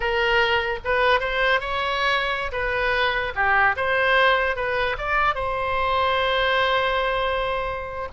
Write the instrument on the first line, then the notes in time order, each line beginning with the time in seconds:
oboe
0.00 A#4
0.84 B4
1.20 C5
1.60 C#5
2.52 B4
3.35 G4
3.76 C5
4.56 B4
4.98 D5
5.34 C5